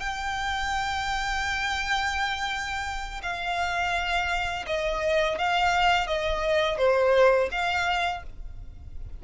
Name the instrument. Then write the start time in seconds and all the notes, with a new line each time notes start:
violin
0.00 G5
3.23 F5
4.67 D#5
5.39 F5
6.07 D#5
6.78 C5
7.52 F5